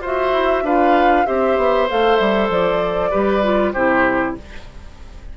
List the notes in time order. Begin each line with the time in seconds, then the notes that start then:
0.00 F4 F#4 C5 E5
0.32 E4
0.63 D4 F4 B4 F5
1.26 C4 G4 C5 E5
1.57 B3
1.89 A3 A4 F5
2.17 G3 E5
2.49 F3 D5
3.10 G3 G4 B4
3.43 F4
3.73 C3 E4 G4 C5